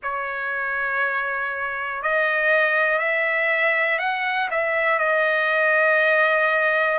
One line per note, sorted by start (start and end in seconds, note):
0.02 2.02 C#5
2.02 2.98 D#5
2.98 3.98 E5
3.99 4.49 F#5
4.50 4.98 E5
4.98 6.98 D#5